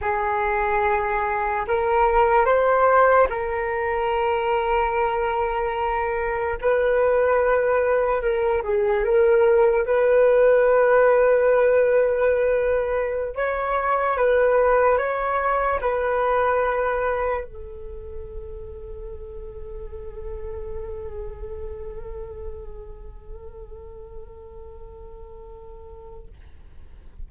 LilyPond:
\new Staff \with { instrumentName = "flute" } { \time 4/4 \tempo 4 = 73 gis'2 ais'4 c''4 | ais'1 | b'2 ais'8 gis'8 ais'4 | b'1~ |
b'16 cis''4 b'4 cis''4 b'8.~ | b'4~ b'16 a'2~ a'8.~ | a'1~ | a'1 | }